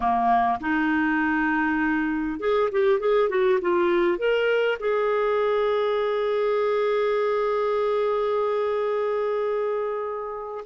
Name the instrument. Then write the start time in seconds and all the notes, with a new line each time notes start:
clarinet
0.00 A#3
0.60 D#4
2.39 G#4
2.71 G4
2.99 G#4
3.29 F#4
3.61 F4
4.18 A#4
4.79 G#4